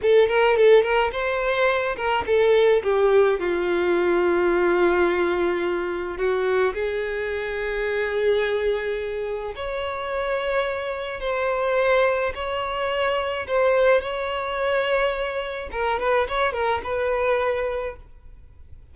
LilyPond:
\new Staff \with { instrumentName = "violin" } { \time 4/4 \tempo 4 = 107 a'8 ais'8 a'8 ais'8 c''4. ais'8 | a'4 g'4 f'2~ | f'2. fis'4 | gis'1~ |
gis'4 cis''2. | c''2 cis''2 | c''4 cis''2. | ais'8 b'8 cis''8 ais'8 b'2 | }